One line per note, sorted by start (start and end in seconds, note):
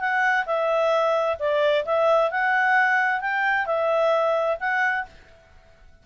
0.00 0.45 F#5
0.46 1.37 E5
1.39 1.85 D5
1.85 2.31 E5
2.31 3.21 F#5
3.21 3.66 G5
3.66 4.57 E5
4.60 5.06 F#5